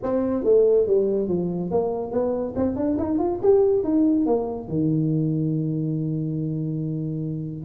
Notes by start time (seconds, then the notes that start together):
0.03 C4
0.44 A3
0.86 G3
1.28 F3
1.70 A#3
2.11 B3
2.56 C4
2.76 D4
2.98 D#4
3.18 F4
3.42 G4
3.83 D#4
4.26 A#3
4.68 D#3